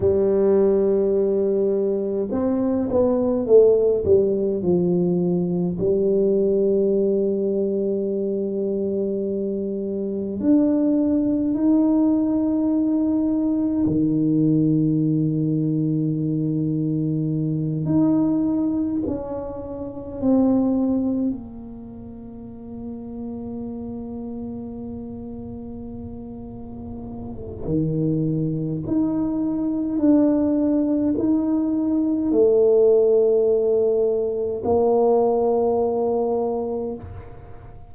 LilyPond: \new Staff \with { instrumentName = "tuba" } { \time 4/4 \tempo 4 = 52 g2 c'8 b8 a8 g8 | f4 g2.~ | g4 d'4 dis'2 | dis2.~ dis8 dis'8~ |
dis'8 cis'4 c'4 ais4.~ | ais1 | dis4 dis'4 d'4 dis'4 | a2 ais2 | }